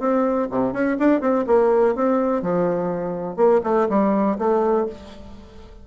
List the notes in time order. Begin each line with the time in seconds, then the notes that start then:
0.00 C4
0.51 C3
0.73 C#4
1.00 D4
1.21 C4
1.47 A#3
1.96 C4
2.42 F3
3.37 A#3
3.64 A3
3.90 G3
4.39 A3